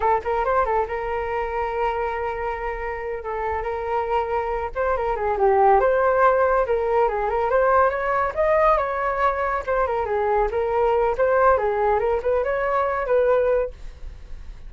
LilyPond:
\new Staff \with { instrumentName = "flute" } { \time 4/4 \tempo 4 = 140 a'8 ais'8 c''8 a'8 ais'2~ | ais'2.~ ais'8 a'8~ | a'8 ais'2~ ais'8 c''8 ais'8 | gis'8 g'4 c''2 ais'8~ |
ais'8 gis'8 ais'8 c''4 cis''4 dis''8~ | dis''8 cis''2 c''8 ais'8 gis'8~ | gis'8 ais'4. c''4 gis'4 | ais'8 b'8 cis''4. b'4. | }